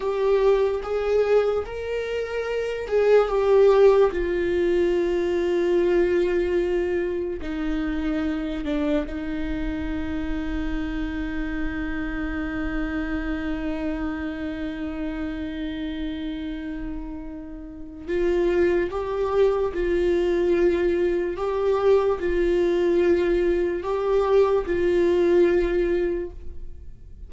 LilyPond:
\new Staff \with { instrumentName = "viola" } { \time 4/4 \tempo 4 = 73 g'4 gis'4 ais'4. gis'8 | g'4 f'2.~ | f'4 dis'4. d'8 dis'4~ | dis'1~ |
dis'1~ | dis'2 f'4 g'4 | f'2 g'4 f'4~ | f'4 g'4 f'2 | }